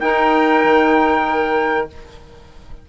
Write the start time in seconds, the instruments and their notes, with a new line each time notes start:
0.00 clarinet D#4, bassoon D#4, saxophone A#4, trumpet G5
0.64 bassoon D#3